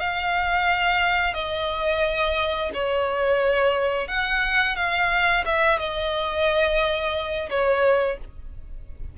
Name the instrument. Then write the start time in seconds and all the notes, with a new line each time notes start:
violin
0.00 F5
1.34 D#5
2.74 C#5
4.08 F#5
4.76 F5
5.46 E5
5.79 D#5
7.50 C#5